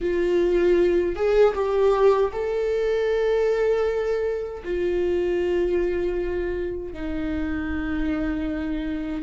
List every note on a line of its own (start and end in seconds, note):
0.00 1.15 F4
1.15 1.54 G#4
1.54 2.31 G4
2.32 4.63 A4
4.64 6.93 F4
6.93 9.22 D#4